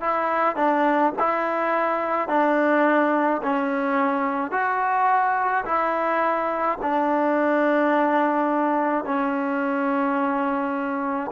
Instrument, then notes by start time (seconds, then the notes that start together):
trombone
0.00 E4
0.56 D4
1.18 E4
2.28 D4
3.42 C#4
4.51 F#4
5.64 E4
6.81 D4
9.05 C#4